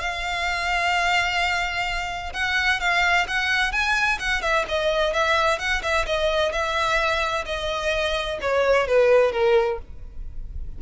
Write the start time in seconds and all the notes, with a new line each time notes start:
0.00 F5
2.33 F#5
2.80 F5
3.27 F#5
3.72 G#5
4.19 F#5
4.42 E5
4.68 D#5
5.13 E5
5.59 F#5
5.82 E5
6.06 D#5
6.52 E5
7.45 D#5
8.41 C#5
8.87 B4
9.32 A#4